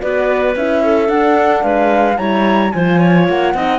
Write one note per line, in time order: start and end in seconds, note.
0.00 0.56 B3
0.00 0.55 F#4
0.00 0.84 B4
0.00 0.55 D5
0.56 1.09 C#4
0.56 1.07 E4
0.56 1.09 E5
0.84 1.63 A4
1.07 2.16 D4
1.07 1.64 D4
1.07 1.63 F#5
1.63 2.18 G#3
1.63 2.18 B4
1.63 2.18 F5
2.17 2.72 G3
2.17 2.71 E4
2.17 2.72 C#5
2.17 2.72 A#5
2.72 3.29 F3
2.72 3.57 F4
2.72 2.99 C5
2.72 3.26 G#5
2.99 3.54 C#5
3.29 3.54 A#3
3.29 3.79 F#5
3.54 3.79 C4
3.54 3.79 D#4
3.54 3.79 D#5